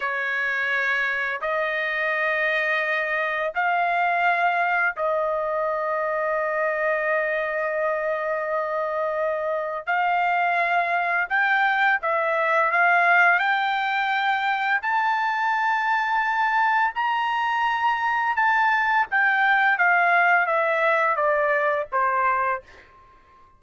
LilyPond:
\new Staff \with { instrumentName = "trumpet" } { \time 4/4 \tempo 4 = 85 cis''2 dis''2~ | dis''4 f''2 dis''4~ | dis''1~ | dis''2 f''2 |
g''4 e''4 f''4 g''4~ | g''4 a''2. | ais''2 a''4 g''4 | f''4 e''4 d''4 c''4 | }